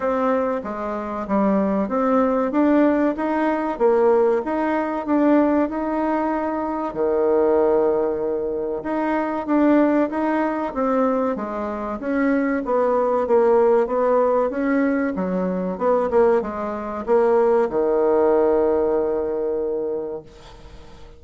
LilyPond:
\new Staff \with { instrumentName = "bassoon" } { \time 4/4 \tempo 4 = 95 c'4 gis4 g4 c'4 | d'4 dis'4 ais4 dis'4 | d'4 dis'2 dis4~ | dis2 dis'4 d'4 |
dis'4 c'4 gis4 cis'4 | b4 ais4 b4 cis'4 | fis4 b8 ais8 gis4 ais4 | dis1 | }